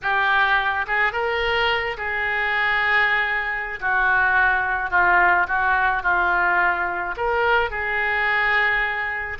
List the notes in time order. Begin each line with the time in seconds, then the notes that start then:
0.02 G4
0.87 G#4
1.12 A#4
1.97 G#4
3.80 F#4
4.90 F4
5.47 F#4
6.03 F4
7.16 A#4
7.70 G#4